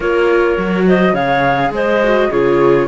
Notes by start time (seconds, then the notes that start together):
0.00 A#3 F4 A#4 C#5
0.57 F#3 F#4
0.87 C5 D#5
1.13 C#3 G#4 C#5 F5
1.70 G#3 C5 D#5
2.03 F#4
2.30 C#3 F4 G#4 C#5